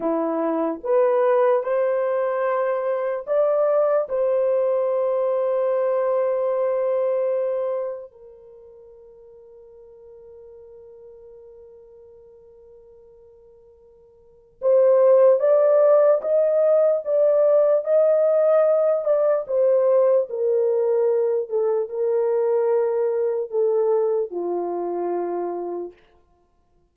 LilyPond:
\new Staff \with { instrumentName = "horn" } { \time 4/4 \tempo 4 = 74 e'4 b'4 c''2 | d''4 c''2.~ | c''2 ais'2~ | ais'1~ |
ais'2 c''4 d''4 | dis''4 d''4 dis''4. d''8 | c''4 ais'4. a'8 ais'4~ | ais'4 a'4 f'2 | }